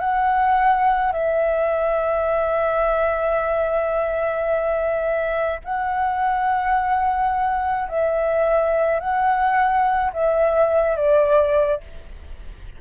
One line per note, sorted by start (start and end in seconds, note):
0.00 1.12 F#5
1.12 5.61 E5
5.64 7.89 F#5
7.89 9.00 E5
9.00 10.12 F#5
10.13 10.97 E5
10.97 11.81 D5